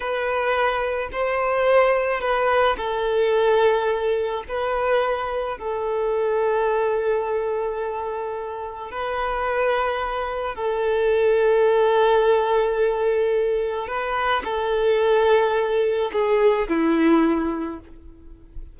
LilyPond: \new Staff \with { instrumentName = "violin" } { \time 4/4 \tempo 4 = 108 b'2 c''2 | b'4 a'2. | b'2 a'2~ | a'1 |
b'2. a'4~ | a'1~ | a'4 b'4 a'2~ | a'4 gis'4 e'2 | }